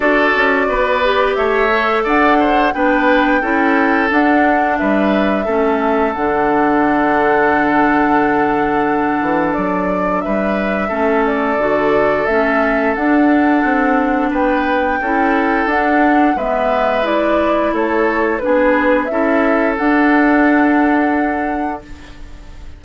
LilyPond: <<
  \new Staff \with { instrumentName = "flute" } { \time 4/4 \tempo 4 = 88 d''2 e''4 fis''4 | g''2 fis''4 e''4~ | e''4 fis''2.~ | fis''2 d''4 e''4~ |
e''8 d''4. e''4 fis''4~ | fis''4 g''2 fis''4 | e''4 d''4 cis''4 b'4 | e''4 fis''2. | }
  \new Staff \with { instrumentName = "oboe" } { \time 4/4 a'4 b'4 cis''4 d''8 c''8 | b'4 a'2 b'4 | a'1~ | a'2. b'4 |
a'1~ | a'4 b'4 a'2 | b'2 a'4 gis'4 | a'1 | }
  \new Staff \with { instrumentName = "clarinet" } { \time 4/4 fis'4. g'4 a'4. | d'4 e'4 d'2 | cis'4 d'2.~ | d'1 |
cis'4 fis'4 cis'4 d'4~ | d'2 e'4 d'4 | b4 e'2 d'4 | e'4 d'2. | }
  \new Staff \with { instrumentName = "bassoon" } { \time 4/4 d'8 cis'8 b4 a4 d'4 | b4 cis'4 d'4 g4 | a4 d2.~ | d4. e8 fis4 g4 |
a4 d4 a4 d'4 | c'4 b4 cis'4 d'4 | gis2 a4 b4 | cis'4 d'2. | }
>>